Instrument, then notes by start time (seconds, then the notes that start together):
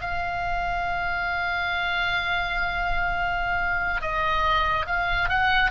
oboe
0.00 F5
4.01 D#5
4.86 F5
5.29 F#5